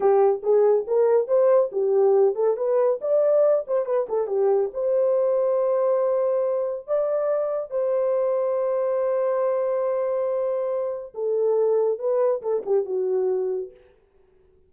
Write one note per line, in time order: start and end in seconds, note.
0.00 0.41 G4
0.42 0.85 G#4
0.87 1.27 A#4
1.27 1.70 C5
1.72 2.35 G4
2.35 2.56 A4
2.56 2.99 B4
3.01 3.65 D5
3.67 3.85 C5
3.85 4.07 B4
4.08 4.27 A4
4.27 4.70 G4
4.73 6.87 C5
6.87 7.70 D5
7.70 11.13 C5
11.14 11.98 A4
11.98 12.41 B4
12.41 12.63 A4
12.65 12.85 G4
12.85 13.70 F#4